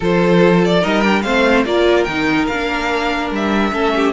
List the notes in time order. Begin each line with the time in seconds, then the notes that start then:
0.00 F3 F4 A4 C5
0.64 D5
0.81 G3 D#4 A#4 D#5
1.01 D4 G5
1.22 A3 C4 C5 F5
1.65 A#3 F4 A#4 D5
2.03 D#3 D#4 G5
2.47 A#3 D4 F5
3.30 G3 E5
3.71 A3 C#4 A4
3.95 G4